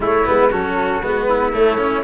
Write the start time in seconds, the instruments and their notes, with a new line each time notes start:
0.00 cello A3, tuba A3, trumpet E4, flute C#5
0.24 tuba G#3, cello B3, flute B4
0.50 tuba F#3, cello C#4, trumpet F#4, flute A4
1.01 tuba G#3, cello B3, flute B4
1.29 trumpet E4
1.53 cello A3, tuba A3, flute C#5
1.77 cello C#4